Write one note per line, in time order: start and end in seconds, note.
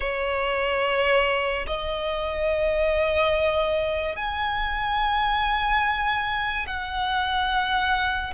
0.00 1.66 C#5
1.66 4.16 D#5
4.16 6.66 G#5
6.67 8.33 F#5